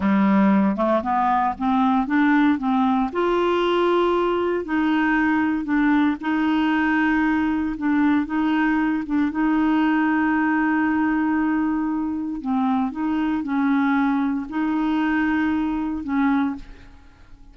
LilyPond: \new Staff \with { instrumentName = "clarinet" } { \time 4/4 \tempo 4 = 116 g4. a8 b4 c'4 | d'4 c'4 f'2~ | f'4 dis'2 d'4 | dis'2. d'4 |
dis'4. d'8 dis'2~ | dis'1 | c'4 dis'4 cis'2 | dis'2. cis'4 | }